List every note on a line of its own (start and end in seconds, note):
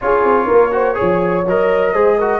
0.01 0.24 C#4
0.01 0.71 F4
0.01 0.46 G#4
0.01 1.46 C#5
0.24 0.48 C4
0.46 0.99 A#3
0.46 0.70 A#4
0.71 0.94 F#4
0.71 0.96 C5
0.94 1.43 G#4
0.94 1.92 C#5
1.01 1.45 F3
1.45 1.93 F#3
1.45 1.94 A#4
1.45 2.39 D#5
1.93 2.39 G#3
1.93 2.18 G#4
1.93 2.17 C5
2.17 2.39 F#4
2.17 2.39 A#4